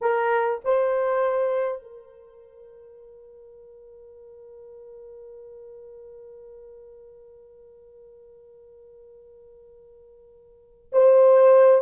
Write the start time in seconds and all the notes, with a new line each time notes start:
0.01 A#4
0.64 C5
1.82 A#4
10.92 C5